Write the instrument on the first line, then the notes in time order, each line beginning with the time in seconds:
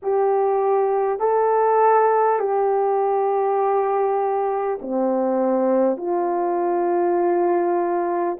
horn
0.02 G4
1.19 A4
2.39 G4
4.81 C4
5.97 F4